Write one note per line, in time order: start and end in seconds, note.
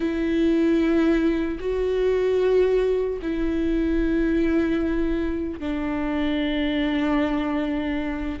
0.00 1.58 E4
1.59 3.19 F#4
3.22 5.59 E4
5.59 8.39 D4